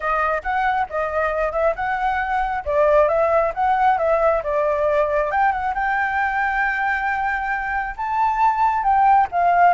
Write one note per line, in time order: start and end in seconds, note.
0.00 0.42 D#5
0.42 0.86 F#5
0.89 1.52 D#5
1.52 1.74 E5
1.75 2.64 F#5
2.65 3.08 D5
3.08 3.52 E5
3.54 3.98 F#5
3.98 4.42 E5
4.43 5.31 D5
5.31 5.51 G5
5.51 5.74 F#5
5.74 7.95 G5
7.97 8.83 A5
8.83 9.27 G5
9.31 9.73 F5